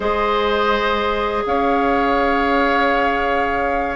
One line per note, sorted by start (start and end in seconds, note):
0.00 1.43 G#3
0.00 3.95 G#4
0.00 1.43 C5
0.00 1.45 D#5
1.45 3.95 C#4
1.45 3.95 C#5
1.45 3.95 F5